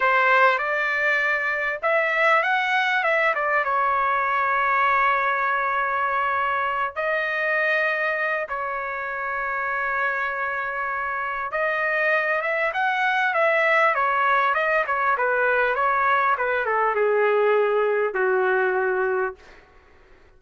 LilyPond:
\new Staff \with { instrumentName = "trumpet" } { \time 4/4 \tempo 4 = 99 c''4 d''2 e''4 | fis''4 e''8 d''8 cis''2~ | cis''2.~ cis''8 dis''8~ | dis''2 cis''2~ |
cis''2. dis''4~ | dis''8 e''8 fis''4 e''4 cis''4 | dis''8 cis''8 b'4 cis''4 b'8 a'8 | gis'2 fis'2 | }